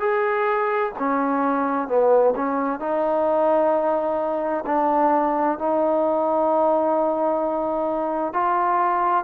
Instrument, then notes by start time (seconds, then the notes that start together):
trombone
0.00 G#4
0.98 C#4
1.88 B3
2.35 C#4
2.79 D#4
4.66 D4
5.58 D#4
8.33 F4